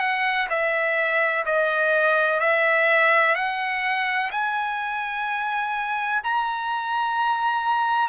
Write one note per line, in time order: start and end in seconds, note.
0.00 0.48 F#5
0.50 1.45 E5
1.46 2.41 D#5
2.41 3.35 E5
3.35 4.31 F#5
4.32 6.22 G#5
6.24 8.09 A#5